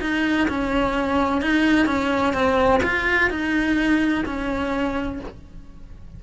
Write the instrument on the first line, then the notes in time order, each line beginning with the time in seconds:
cello
0.00 D#4
0.48 C#4
1.41 D#4
1.86 C#4
2.33 C4
2.83 F4
3.30 D#4
4.25 C#4